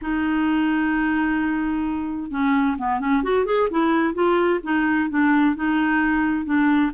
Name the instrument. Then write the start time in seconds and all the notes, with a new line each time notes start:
clarinet
0.01 D#4
2.30 C#4
2.78 B3
3.00 C#4
3.23 F#4
3.45 G#4
3.70 E4
4.13 F4
4.63 D#4
5.09 D4
5.55 D#4
6.45 D4